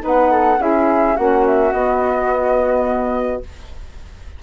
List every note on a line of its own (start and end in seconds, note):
0.00 0.58 B3
0.00 0.57 D#4
0.00 0.31 B4
0.00 0.62 F#5
0.31 0.59 A4
0.58 1.15 C#4
0.58 1.14 E4
0.58 1.16 G#4
0.58 1.16 E5
1.16 1.73 A#3
1.16 1.72 C#4
1.16 3.42 F#4
1.16 1.44 F#5
1.46 1.72 E5
1.72 3.42 B3
1.72 3.42 D#5